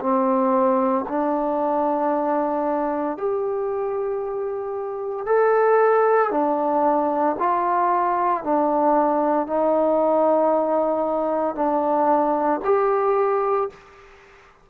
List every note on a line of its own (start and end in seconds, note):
0.00 1.05 C4
1.08 3.17 D4
3.17 5.26 G4
5.26 6.31 A4
6.31 7.36 D4
7.39 8.44 F4
8.44 9.47 D4
9.47 11.55 D#4
11.55 12.60 D4
12.64 13.69 G4